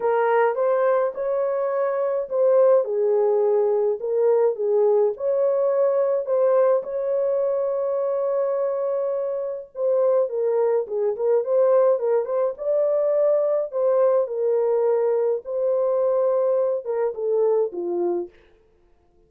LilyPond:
\new Staff \with { instrumentName = "horn" } { \time 4/4 \tempo 4 = 105 ais'4 c''4 cis''2 | c''4 gis'2 ais'4 | gis'4 cis''2 c''4 | cis''1~ |
cis''4 c''4 ais'4 gis'8 ais'8 | c''4 ais'8 c''8 d''2 | c''4 ais'2 c''4~ | c''4. ais'8 a'4 f'4 | }